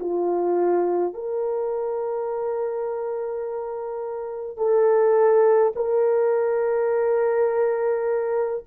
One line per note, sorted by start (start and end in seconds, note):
0.00 1.14 F4
1.14 4.57 A#4
4.57 5.73 A4
5.75 8.64 A#4